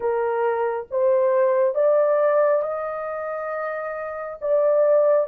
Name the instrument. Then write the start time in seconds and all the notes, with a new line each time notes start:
horn
0.00 A#4
0.91 C5
1.74 D5
2.62 D#5
4.41 D5